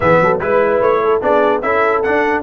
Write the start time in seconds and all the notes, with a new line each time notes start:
0.00 E3 B3 G#4 E5
0.21 F#3 A4
0.40 G#3 E4 B4
0.80 A3 C#5
1.03 A4
1.21 B3 D4 G#4 D5
1.61 C#4 E4 A4 E5
2.02 D4 F#5